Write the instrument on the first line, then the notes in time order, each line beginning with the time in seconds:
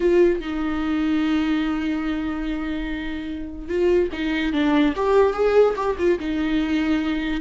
viola
0.00 F4
0.40 D#4
3.68 F4
4.12 D#4
4.53 D4
4.95 G4
5.33 G#4
5.76 G4
5.98 F4
6.19 D#4